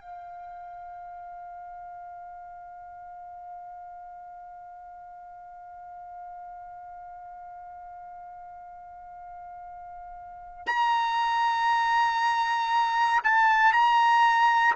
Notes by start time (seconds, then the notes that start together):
0.00 F5
10.66 A#5
13.24 A5
13.73 A#5